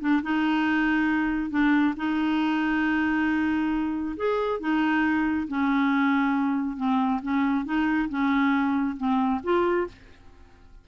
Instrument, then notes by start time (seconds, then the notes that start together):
clarinet
0.00 D4
0.22 D#4
1.50 D4
1.97 D#4
4.17 G#4
4.60 D#4
5.48 C#4
6.77 C4
7.22 C#4
7.65 D#4
8.09 C#4
8.97 C4
9.43 F4